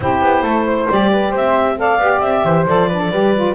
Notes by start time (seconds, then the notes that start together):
0.00 C4 E4 G4 C5
0.21 B3
0.42 A3 A4
0.66 C5
0.89 G3 G4 D5
1.11 B4
1.30 C4 C5
1.36 E5
1.77 A4 D5 F5
1.98 B3 G4
2.20 C4 E5
2.44 E3 C5
2.66 F3 A4 D5
2.88 D4 B4
2.99 A4
3.10 G3 G4 B4
3.35 F4